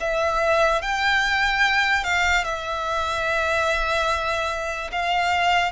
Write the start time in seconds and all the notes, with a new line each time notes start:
0.00 E5
0.82 G5
2.03 F5
2.44 E5
4.92 F5